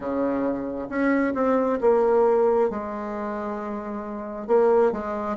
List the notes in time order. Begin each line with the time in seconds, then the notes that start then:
0.00 C#3
0.89 C#4
1.34 C4
1.80 A#3
2.70 G#3
4.47 A#3
4.91 G#3